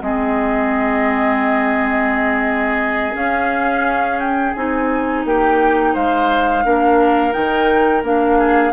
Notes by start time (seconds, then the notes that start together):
0.00 G#3 C4 G#4 D#5
3.12 C#4 F5
4.19 G5
4.54 C4 D#4 G#5
5.25 A#3 G4 G5
5.93 G#3 C5 F5
6.64 A#3 D4 A#4
7.32 D#3 D#4 G5
8.02 A#3 D4 F5
8.38 G#4